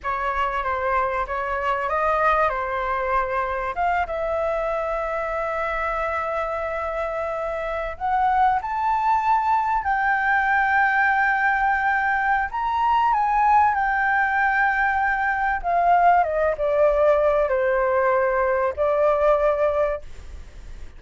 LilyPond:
\new Staff \with { instrumentName = "flute" } { \time 4/4 \tempo 4 = 96 cis''4 c''4 cis''4 dis''4 | c''2 f''8 e''4.~ | e''1~ | e''8. fis''4 a''2 g''16~ |
g''1 | ais''4 gis''4 g''2~ | g''4 f''4 dis''8 d''4. | c''2 d''2 | }